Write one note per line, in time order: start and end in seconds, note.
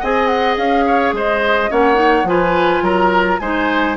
0.00 0.57 C4
0.00 1.70 G#4
0.00 0.85 D#5
0.00 0.27 G#5
0.27 0.55 F#5
0.57 1.12 C#4
0.57 1.14 F5
0.86 1.15 C#5
1.12 1.69 G#3
1.12 1.71 C5
1.12 1.72 D#5
1.70 2.24 A#3
1.70 1.94 C#4
1.70 2.27 C#5
1.70 2.28 F#5
1.94 2.23 D#4
2.24 2.80 F3
2.24 3.40 F4
2.24 2.83 B4
2.24 2.84 G#5
2.82 3.39 F#3
2.82 3.40 A#4
2.82 3.39 A#5
3.39 3.97 G#3
3.39 3.97 D#4
3.39 3.97 C5
3.39 3.96 G#5